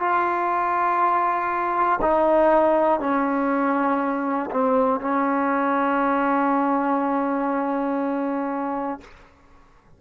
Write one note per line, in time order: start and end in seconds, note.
0.00 2.00 F4
2.02 3.00 D#4
3.00 4.50 C#4
4.51 5.00 C4
5.00 9.00 C#4